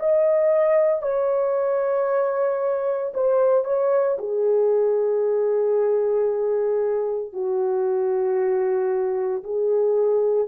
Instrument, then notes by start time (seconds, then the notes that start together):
horn
0.00 D#5
1.02 C#5
3.14 C5
3.65 C#5
4.19 G#4
7.33 F#4
9.44 G#4